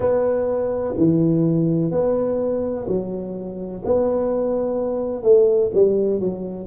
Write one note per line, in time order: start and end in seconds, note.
0.00 0.94 B3
0.97 1.91 E3
1.91 2.86 B3
2.87 3.83 F#3
3.84 5.22 B3
5.22 5.70 A3
5.73 6.19 G3
6.19 6.66 F#3